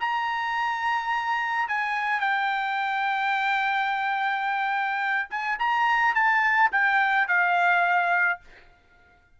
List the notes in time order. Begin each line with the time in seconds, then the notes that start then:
0.00 A#5
1.68 G#5
2.20 G5
5.30 G#5
5.59 A#5
6.14 A5
6.71 G5
7.28 F5